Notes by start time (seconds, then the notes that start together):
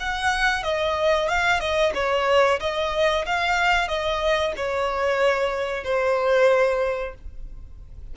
0.00 F#5
0.63 D#5
1.29 F5
1.60 D#5
1.95 C#5
2.60 D#5
3.26 F5
3.88 D#5
4.57 C#5
5.84 C5